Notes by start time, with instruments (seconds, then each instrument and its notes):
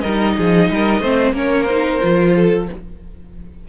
0.00 cello G3, violin A#4 D#5
0.06 viola D#4
0.37 cello F3, violin G#4
0.70 cello G3, violin A#4
1.00 cello A3, viola C4, violin C5
1.32 cello A#3, viola C#4, violin A#4 C#5
1.64 viola D#4, violin C5
2.00 cello F3, viola F4
2.35 violin A4